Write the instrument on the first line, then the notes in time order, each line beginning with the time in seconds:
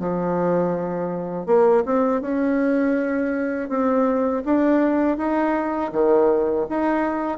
bassoon
0.00 F3
1.47 A#3
1.86 C4
2.22 C#4
3.69 C4
4.45 D4
5.18 D#4
5.93 D#3
6.70 D#4